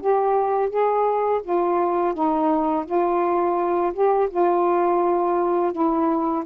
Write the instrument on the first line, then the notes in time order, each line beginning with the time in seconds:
saxophone
0.00 G4
0.69 G#4
1.43 F4
2.14 D#4
2.85 F4
3.93 G4
4.30 F4
5.72 E4